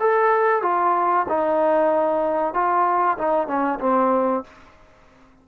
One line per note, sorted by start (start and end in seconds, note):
0.00 0.63 A4
0.63 1.26 F4
1.29 2.54 D#4
2.54 3.18 F4
3.18 3.48 D#4
3.48 3.79 C#4
3.80 4.44 C4